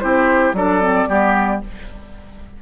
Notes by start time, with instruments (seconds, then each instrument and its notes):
0.00 bassoon C4, clarinet E4, oboe G4, flute C5
0.53 bassoon F#3, clarinet D4, oboe A4, flute D5
0.81 clarinet C4
1.07 bassoon G3, clarinet B3, oboe G4